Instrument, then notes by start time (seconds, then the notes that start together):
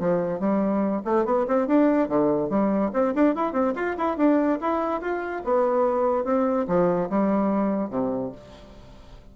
bassoon
0.00 F3
0.40 G3
1.05 A3
1.26 B3
1.48 C4
1.68 D4
2.09 D3
2.50 G3
2.94 C4
3.15 D4
3.36 E4
3.53 C4
3.76 F4
3.98 E4
4.18 D4
4.61 E4
5.02 F4
5.45 B3
6.25 C4
6.68 F3
7.10 G3
7.91 C3